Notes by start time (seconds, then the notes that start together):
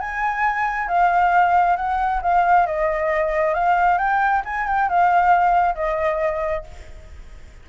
0.00 G#5
0.88 F5
1.76 F#5
2.22 F5
2.66 D#5
3.54 F5
3.98 G5
4.45 G#5
4.67 G5
4.89 F5
5.75 D#5